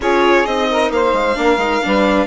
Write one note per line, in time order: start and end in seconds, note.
0.00 0.45 C#4
0.00 0.45 F4
0.00 0.69 G#4
0.00 0.45 C#5
0.45 0.90 C4
0.45 1.34 D#4
0.45 0.91 D#5
0.70 0.93 A#4
0.90 1.13 A#3
0.90 1.39 C5
0.90 2.27 F5
1.13 1.35 G#3
1.34 1.57 A#3
1.34 1.57 D4
1.34 1.85 A#4
1.57 1.79 G#3
1.57 1.82 D#4
1.82 2.27 G3
1.82 2.27 D4
1.82 2.27 B4